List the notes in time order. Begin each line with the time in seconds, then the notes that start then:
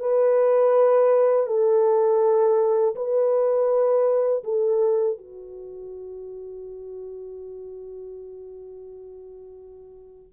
0.00 B4
1.47 A4
2.95 B4
4.44 A4
5.18 F#4